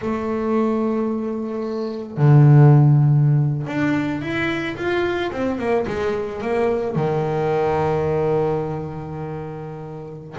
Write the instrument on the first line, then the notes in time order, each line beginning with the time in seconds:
double bass
0.01 A3
2.17 D3
3.67 D4
4.21 E4
4.76 F4
5.32 C4
5.58 A#3
5.87 G#3
6.41 A#3
6.95 D#3